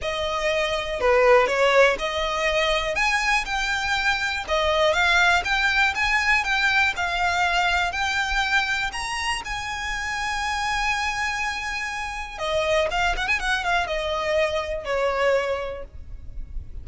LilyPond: \new Staff \with { instrumentName = "violin" } { \time 4/4 \tempo 4 = 121 dis''2 b'4 cis''4 | dis''2 gis''4 g''4~ | g''4 dis''4 f''4 g''4 | gis''4 g''4 f''2 |
g''2 ais''4 gis''4~ | gis''1~ | gis''4 dis''4 f''8 fis''16 gis''16 fis''8 f''8 | dis''2 cis''2 | }